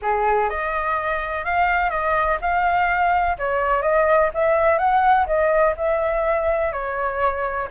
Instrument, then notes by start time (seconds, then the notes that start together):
flute
0.02 G#4
0.49 D#5
1.44 F5
1.90 D#5
2.41 F5
3.38 C#5
3.82 D#5
4.34 E5
4.78 F#5
5.26 D#5
5.76 E5
6.72 C#5